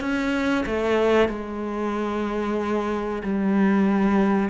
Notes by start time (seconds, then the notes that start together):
0.00 C#4
0.66 A3
1.28 G#3
3.23 G3